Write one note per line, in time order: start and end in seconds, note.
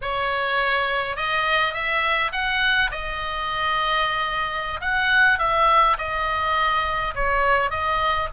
0.01 1.16 C#5
1.16 1.73 D#5
1.73 2.31 E5
2.32 2.90 F#5
2.91 4.80 D#5
4.81 5.39 F#5
5.39 5.97 E5
5.98 7.14 D#5
7.15 7.70 C#5
7.70 8.28 D#5